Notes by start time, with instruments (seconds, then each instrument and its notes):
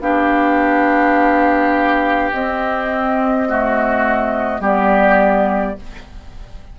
0.00 bassoon B3, clarinet D4, oboe G4, flute F5
2.32 bassoon C4, clarinet C4, flute D#5
3.47 clarinet A3, oboe F#4
4.59 bassoon G3, clarinet B3, oboe G4, flute D5